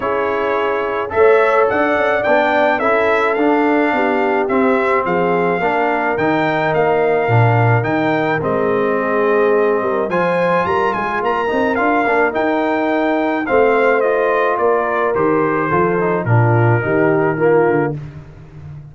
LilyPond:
<<
  \new Staff \with { instrumentName = "trumpet" } { \time 4/4 \tempo 4 = 107 cis''2 e''4 fis''4 | g''4 e''4 f''2 | e''4 f''2 g''4 | f''2 g''4 dis''4~ |
dis''2 gis''4 ais''8 gis''8 | ais''4 f''4 g''2 | f''4 dis''4 d''4 c''4~ | c''4 ais'2. | }
  \new Staff \with { instrumentName = "horn" } { \time 4/4 gis'2 cis''4 d''4~ | d''4 a'2 g'4~ | g'4 gis'4 ais'2~ | ais'1 |
gis'4. ais'8 c''4 ais'8 gis'8 | ais'1 | c''2 ais'2 | a'4 f'4 g'4 f'4 | }
  \new Staff \with { instrumentName = "trombone" } { \time 4/4 e'2 a'2 | d'4 e'4 d'2 | c'2 d'4 dis'4~ | dis'4 d'4 dis'4 c'4~ |
c'2 f'2~ | f'8 dis'8 f'8 d'8 dis'2 | c'4 f'2 g'4 | f'8 dis'8 d'4 dis'4 ais4 | }
  \new Staff \with { instrumentName = "tuba" } { \time 4/4 cis'2 a4 d'8 cis'8 | b4 cis'4 d'4 b4 | c'4 f4 ais4 dis4 | ais4 ais,4 dis4 gis4~ |
gis4. g8 f4 g8 gis8 | ais8 c'8 d'8 ais8 dis'2 | a2 ais4 dis4 | f4 ais,4 dis4. d8 | }
>>